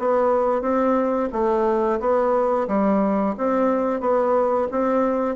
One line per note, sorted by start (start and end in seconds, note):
0.00 0.62 B3
0.62 1.29 C4
1.33 2.00 A3
2.00 2.68 B3
2.68 3.36 G3
3.38 4.01 C4
4.01 4.68 B3
4.72 5.36 C4